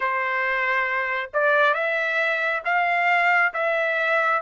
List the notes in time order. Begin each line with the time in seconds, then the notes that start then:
0.00 C5
1.33 D5
1.74 E5
2.65 F5
3.53 E5